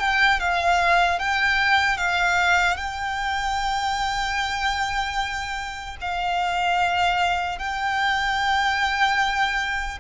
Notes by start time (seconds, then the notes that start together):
0.00 G5
0.40 F5
1.19 G5
1.97 F5
2.77 G5
6.01 F5
7.59 G5